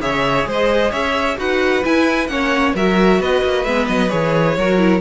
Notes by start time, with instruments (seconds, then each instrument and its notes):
0.00 cello C#3, viola G#4, violin C#5 E5
0.46 cello G#3, violin C5 D#5
0.91 cello C#4, violin C#5 E5
1.37 cello D#4, viola F#4, violin B4 F#5
1.84 viola E4, cello E4, violin G#5
2.27 cello A#3, viola C#4, violin C#5 F#5
2.75 cello F#3, viola F#4, violin A#4 E5
3.20 cello B3, violin B4 D#5
3.44 cello A#3
3.64 cello G#3, viola B3, violin E5
3.87 cello F#3, violin D#5
4.09 cello E3, viola G#4, violin C#5
4.57 cello F#3, viola F#4, violin A#4
4.78 viola E4